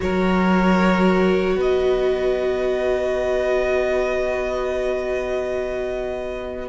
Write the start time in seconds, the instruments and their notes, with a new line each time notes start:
0.00 cello F#3, viola F#4, violin A#4 C#5
1.55 cello B3, violin B4 D#5